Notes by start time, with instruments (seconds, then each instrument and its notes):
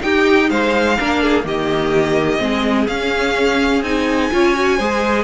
0.00 viola D#4, cello D#4, violin G4 G5
0.49 cello G#3, violin C5 F5
0.99 cello A#3, viola D4, violin A#4
1.22 violin G#4
1.42 cello D#3, viola A#3, violin G4 D#5
2.38 cello G#3, viola C4, violin G#4
2.87 cello C#4, viola C#4, violin F5
3.81 cello C4, viola D#4, violin G#5
4.31 cello C#4, viola F4, violin C#5
4.54 viola F#4
4.77 cello G#3, viola G#4, violin C5